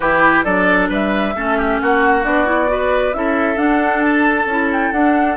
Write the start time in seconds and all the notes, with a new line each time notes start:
0.00 E3 E4 G4 B4
0.43 F#3 D4 A4 D5
0.89 G3 B4 E5
1.35 A3 C#4 A4
1.58 G4
1.80 A#3 F#4 F#5
2.23 B3 D4 D5
2.45 E4
2.67 F#4 B4
3.13 C#4 E4 A4 E5
3.56 D4 F#5
4.01 A5
4.45 C#4 E4
4.72 G5
4.92 D4 F#5